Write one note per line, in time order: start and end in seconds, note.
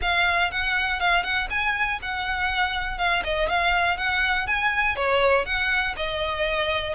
0.01 0.51 F5
0.51 0.99 F#5
0.99 1.23 F5
1.23 1.47 F#5
1.50 1.99 G#5
2.02 2.98 F#5
2.98 3.23 F5
3.24 3.48 D#5
3.48 3.97 F5
3.97 4.46 F#5
4.47 4.95 G#5
4.95 5.45 C#5
5.45 5.95 F#5
5.96 6.94 D#5